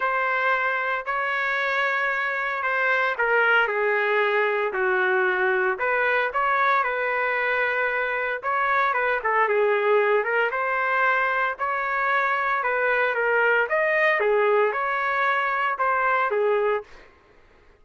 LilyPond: \new Staff \with { instrumentName = "trumpet" } { \time 4/4 \tempo 4 = 114 c''2 cis''2~ | cis''4 c''4 ais'4 gis'4~ | gis'4 fis'2 b'4 | cis''4 b'2. |
cis''4 b'8 a'8 gis'4. ais'8 | c''2 cis''2 | b'4 ais'4 dis''4 gis'4 | cis''2 c''4 gis'4 | }